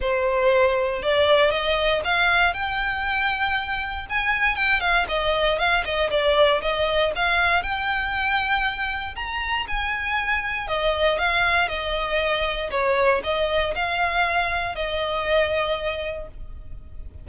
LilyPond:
\new Staff \with { instrumentName = "violin" } { \time 4/4 \tempo 4 = 118 c''2 d''4 dis''4 | f''4 g''2. | gis''4 g''8 f''8 dis''4 f''8 dis''8 | d''4 dis''4 f''4 g''4~ |
g''2 ais''4 gis''4~ | gis''4 dis''4 f''4 dis''4~ | dis''4 cis''4 dis''4 f''4~ | f''4 dis''2. | }